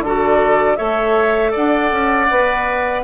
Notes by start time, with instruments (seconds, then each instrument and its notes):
0.00 bassoon D3, oboe A4, flute D5
0.06 clarinet F#4
0.76 bassoon A3, clarinet A4, oboe C#5, flute E5
1.51 bassoon D4, oboe D5, flute F#5
1.91 bassoon C#4
2.30 bassoon B3, clarinet B4